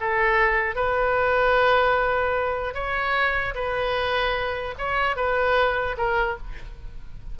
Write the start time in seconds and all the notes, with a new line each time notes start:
0.00 A4
0.75 B4
2.74 C#5
3.54 B4
4.78 C#5
5.16 B4
5.97 A#4